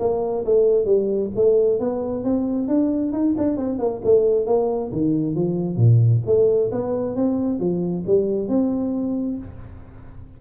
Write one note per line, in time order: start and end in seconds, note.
0.00 0.45 A#3
0.46 0.86 A3
0.86 1.30 G3
1.36 1.80 A3
1.80 2.24 B3
2.24 2.69 C4
2.69 3.13 D4
3.13 3.35 D#4
3.38 3.57 D4
3.57 3.79 C4
3.79 4.02 A#3
4.05 4.46 A3
4.46 4.91 A#3
4.93 5.36 D#3
5.36 5.77 F3
5.77 6.22 A#2
6.26 6.71 A3
6.72 7.16 B3
7.16 7.60 C4
7.60 8.05 F3
8.07 8.49 G3
8.49 9.38 C4